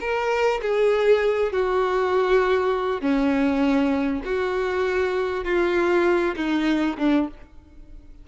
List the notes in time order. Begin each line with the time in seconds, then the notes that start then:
0.00 A#4
0.62 G#4
1.52 F#4
3.01 C#4
4.25 F#4
5.44 F4
6.36 D#4
6.98 D4